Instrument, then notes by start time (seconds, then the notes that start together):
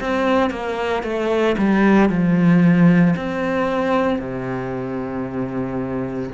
cello
0.00 C4
0.50 A#3
1.03 A3
1.57 G3
2.09 F3
3.16 C4
4.19 C3